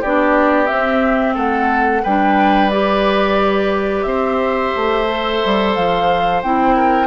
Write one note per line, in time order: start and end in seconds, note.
0.00 0.70 B3
0.00 0.67 D4
0.00 1.34 G4
0.00 0.66 D5
0.66 2.02 C4
0.66 1.36 C4
0.66 1.33 E5
1.34 2.03 A3
1.34 2.01 A4
1.34 2.04 F#5
2.03 4.04 G3
2.03 2.71 D4
2.03 4.05 B4
2.03 2.70 G5
2.70 5.07 G4
2.70 4.02 D5
4.02 4.72 C4
4.02 6.76 C5
4.02 5.71 E5
4.75 5.43 A3
5.08 6.42 A4
5.45 5.76 G3
5.74 6.43 F3
5.74 6.42 F5
6.42 7.07 C4
6.42 7.07 E4
6.42 7.07 G5
6.76 7.07 A#4